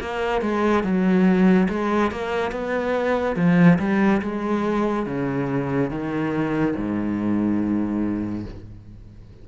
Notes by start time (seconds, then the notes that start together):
0.00 A#3
0.41 G#3
0.83 F#3
1.69 G#3
2.11 A#3
2.51 B3
3.36 F3
3.79 G3
4.21 G#3
5.06 C#3
5.90 D#3
6.76 G#2